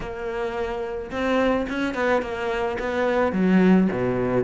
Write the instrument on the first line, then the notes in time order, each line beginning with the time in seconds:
cello
0.00 A#3
1.11 C4
1.69 C#4
1.94 B3
2.22 A#3
2.79 B3
3.32 F#3
3.92 B2